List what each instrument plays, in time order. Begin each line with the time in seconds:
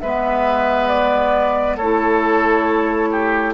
0.00 bassoon G#3, clarinet B3, oboe B4, flute E5
0.88 flute D5
1.76 bassoon A3, clarinet E4, oboe A4, flute C#5
3.11 oboe G4